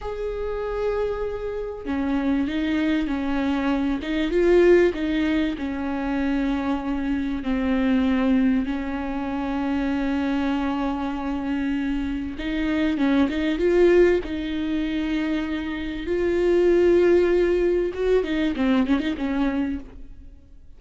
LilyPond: \new Staff \with { instrumentName = "viola" } { \time 4/4 \tempo 4 = 97 gis'2. cis'4 | dis'4 cis'4. dis'8 f'4 | dis'4 cis'2. | c'2 cis'2~ |
cis'1 | dis'4 cis'8 dis'8 f'4 dis'4~ | dis'2 f'2~ | f'4 fis'8 dis'8 c'8 cis'16 dis'16 cis'4 | }